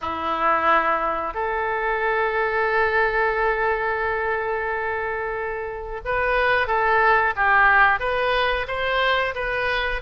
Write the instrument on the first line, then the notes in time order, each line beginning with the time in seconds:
oboe
0.01 E4
1.34 A4
6.05 B4
6.67 A4
7.35 G4
7.99 B4
8.67 C5
9.35 B4